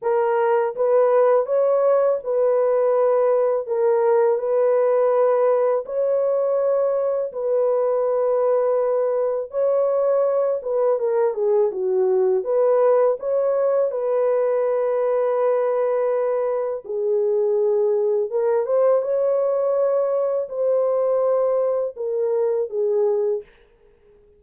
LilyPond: \new Staff \with { instrumentName = "horn" } { \time 4/4 \tempo 4 = 82 ais'4 b'4 cis''4 b'4~ | b'4 ais'4 b'2 | cis''2 b'2~ | b'4 cis''4. b'8 ais'8 gis'8 |
fis'4 b'4 cis''4 b'4~ | b'2. gis'4~ | gis'4 ais'8 c''8 cis''2 | c''2 ais'4 gis'4 | }